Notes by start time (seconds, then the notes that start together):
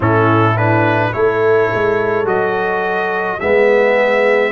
0.00 A2 C#4 E4 A4
0.56 D4 B4
1.12 A3 E4 A4 C#5
1.74 G#3
2.24 F#3 F#4 D#5
3.40 G#3 B3 G#4 E5